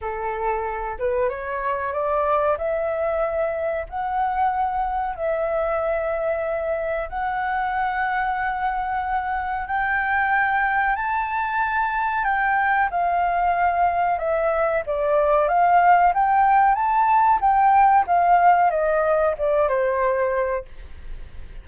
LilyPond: \new Staff \with { instrumentName = "flute" } { \time 4/4 \tempo 4 = 93 a'4. b'8 cis''4 d''4 | e''2 fis''2 | e''2. fis''4~ | fis''2. g''4~ |
g''4 a''2 g''4 | f''2 e''4 d''4 | f''4 g''4 a''4 g''4 | f''4 dis''4 d''8 c''4. | }